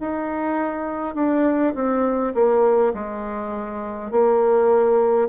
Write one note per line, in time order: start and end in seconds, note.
0.00 1.15 D#4
1.15 1.74 D4
1.75 2.34 C4
2.35 2.94 A#3
2.94 4.12 G#3
4.12 5.29 A#3